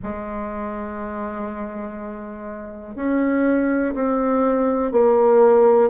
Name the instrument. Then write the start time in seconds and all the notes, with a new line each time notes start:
bassoon
0.03 G#3
2.95 C#4
3.94 C4
4.91 A#3